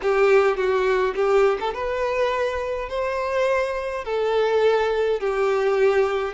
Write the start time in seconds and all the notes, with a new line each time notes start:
0.02 G4
0.56 F#4
1.15 G4
1.59 A4
1.74 B4
2.89 C5
4.04 A4
5.19 G4